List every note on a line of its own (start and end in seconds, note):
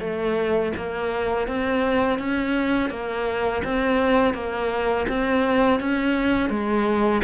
0.00 0.72 A3
0.77 1.48 A#3
1.48 2.19 C4
2.19 2.90 C#4
2.90 3.62 A#3
3.64 4.34 C4
4.34 5.06 A#3
5.08 5.80 C4
5.80 6.50 C#4
6.50 7.22 G#3